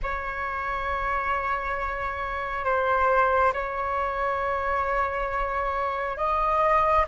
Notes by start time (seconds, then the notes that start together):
0.02 C#5
2.64 C5
3.53 C#5
6.17 D#5